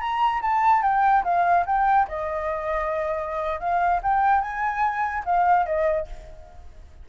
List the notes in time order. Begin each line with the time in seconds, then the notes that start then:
0.00 A#5
0.41 A5
0.82 G5
1.24 F5
1.66 G5
2.08 D#5
3.60 F5
4.02 G5
4.41 G#5
5.25 F5
5.66 D#5